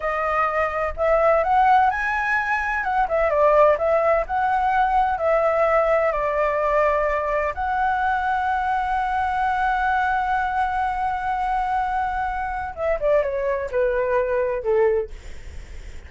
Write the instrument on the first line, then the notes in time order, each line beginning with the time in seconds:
flute
0.00 D#5
0.97 E5
1.43 F#5
1.90 G#5
2.83 F#5
3.08 E5
3.29 D5
3.78 E5
4.26 F#5
5.18 E5
6.12 D5
7.54 F#5
12.75 E5
12.99 D5
13.22 C#5
13.71 B4
14.62 A4